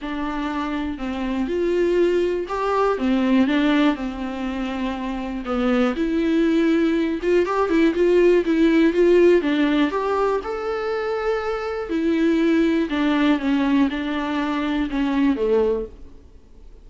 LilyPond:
\new Staff \with { instrumentName = "viola" } { \time 4/4 \tempo 4 = 121 d'2 c'4 f'4~ | f'4 g'4 c'4 d'4 | c'2. b4 | e'2~ e'8 f'8 g'8 e'8 |
f'4 e'4 f'4 d'4 | g'4 a'2. | e'2 d'4 cis'4 | d'2 cis'4 a4 | }